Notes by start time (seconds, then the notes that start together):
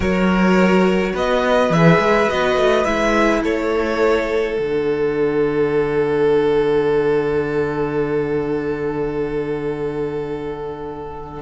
0.00 F#3 F#4 A#4 C#5
1.13 B3 B4 D#5
1.70 E3 G#4 E5
1.98 G#3
2.28 B3 F#4 D#5
2.56 A3
2.84 G#3 E4 E5
3.42 A3 A4 C#5
4.57 D3 D4 F#5